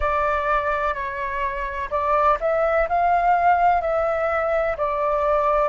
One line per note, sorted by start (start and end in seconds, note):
0.00 0.94 D5
0.94 1.89 C#5
1.90 2.38 D5
2.40 2.87 E5
2.88 3.81 F5
3.81 4.76 E5
4.77 5.68 D5